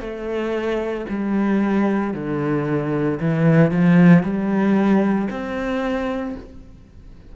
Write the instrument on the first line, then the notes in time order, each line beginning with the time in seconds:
cello
0.00 A3
1.09 G3
2.13 D3
3.20 E3
3.71 F3
4.23 G3
5.30 C4